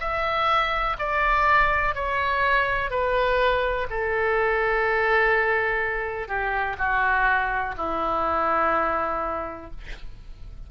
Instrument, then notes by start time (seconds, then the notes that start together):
oboe
0.00 E5
0.99 D5
1.95 C#5
2.91 B4
3.90 A4
6.28 G4
6.78 F#4
7.78 E4